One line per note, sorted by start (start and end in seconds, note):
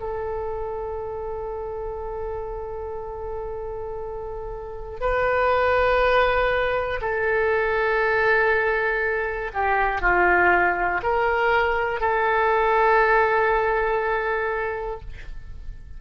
0.00 5.00 A4
5.00 7.00 B4
7.01 9.51 A4
9.54 10.01 G4
10.01 11.01 F4
11.03 12.00 A#4
12.00 15.00 A4